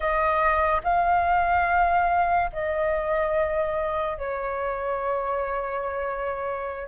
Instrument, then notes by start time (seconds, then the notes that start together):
flute
0.00 D#5
0.83 F5
2.52 D#5
4.17 C#5